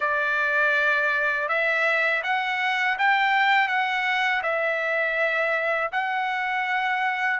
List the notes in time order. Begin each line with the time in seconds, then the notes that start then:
0.00 D5
1.48 E5
2.23 F#5
2.98 G5
3.67 F#5
4.42 E5
5.92 F#5